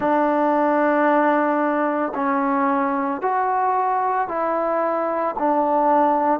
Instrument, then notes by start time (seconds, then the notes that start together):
trombone
0.00 D4
2.14 C#4
3.21 F#4
4.28 E4
5.39 D4